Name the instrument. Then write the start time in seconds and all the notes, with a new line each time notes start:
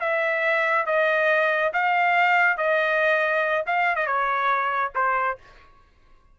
trumpet
0.00 E5
0.86 D#5
1.73 F5
2.57 D#5
3.66 F5
3.96 D#5
4.06 C#5
4.95 C5